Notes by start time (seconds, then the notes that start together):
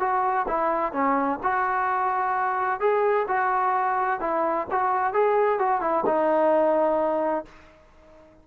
0.00 F#4
0.48 E4
0.93 C#4
1.43 F#4
2.81 G#4
3.28 F#4
4.21 E4
4.71 F#4
5.14 G#4
5.59 F#4
5.81 E4
6.06 D#4